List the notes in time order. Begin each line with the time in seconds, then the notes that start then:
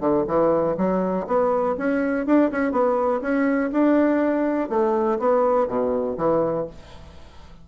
0.00 D3
0.27 E3
0.77 F#3
1.27 B3
1.77 C#4
2.26 D4
2.51 C#4
2.71 B3
3.21 C#4
3.72 D4
4.69 A3
5.19 B3
5.67 B2
6.17 E3